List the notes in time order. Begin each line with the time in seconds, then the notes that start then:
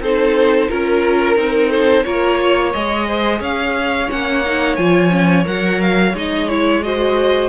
0.00 C4 D#4 A4 C5
0.69 C#4 F4 A#4
1.36 C4 D#4
1.69 A4 C5
2.03 A#3 F4 A#4 C#5
2.41 C#5
2.73 G#3 G#4 D#5
3.08 C5
3.39 C#4 C#5 F5
4.08 A#3 C#4 F#5
4.45 D#4
4.76 F3 F4 G#5
5.10 C#4
5.44 F#3 A#4 F#5
5.81 F5
6.13 G#3 D#4 D#5
6.48 E4 C#5
6.82 F#4 C5 D#5